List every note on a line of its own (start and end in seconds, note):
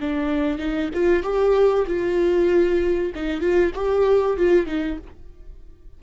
0.00 0.59 D4
0.59 0.90 D#4
0.94 1.23 F4
1.23 1.86 G4
1.87 3.12 F4
3.15 3.41 D#4
3.41 3.72 F4
3.74 4.37 G4
4.37 4.66 F4
4.66 4.97 D#4